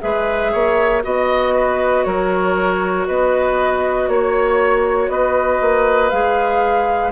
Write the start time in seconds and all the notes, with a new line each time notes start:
0.00 G#3 G#4 B4 E5
0.52 A#3 C#5
1.03 B3 F#4 D#5
1.54 B4
2.04 F#3 A#4 C#5
3.07 B3 B4 D#5
4.08 A#3 C#5
5.08 B3 B4 D#5
5.61 A#3
6.10 G#3 G#4 F5